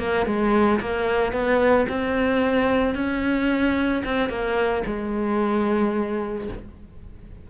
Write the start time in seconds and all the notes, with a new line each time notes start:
0.00 A#3
0.27 G#3
0.81 A#3
1.33 B3
1.89 C4
2.95 C#4
4.05 C4
4.30 A#3
4.86 G#3